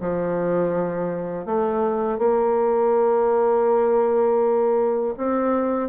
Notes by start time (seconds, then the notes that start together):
0.00 F3
1.45 A3
2.18 A#3
5.17 C4